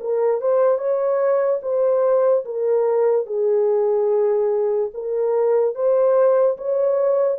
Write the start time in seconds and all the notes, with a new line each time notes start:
0.00 A#4
0.41 C5
0.78 C#5
1.62 C5
2.45 A#4
3.26 G#4
4.94 A#4
5.75 C5
6.58 C#5